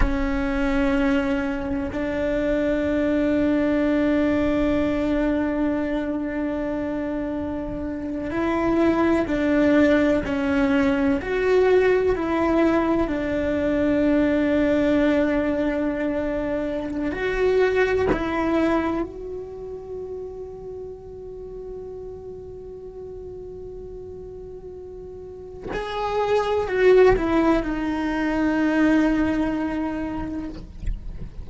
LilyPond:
\new Staff \with { instrumentName = "cello" } { \time 4/4 \tempo 4 = 63 cis'2 d'2~ | d'1~ | d'8. e'4 d'4 cis'4 fis'16~ | fis'8. e'4 d'2~ d'16~ |
d'2 fis'4 e'4 | fis'1~ | fis'2. gis'4 | fis'8 e'8 dis'2. | }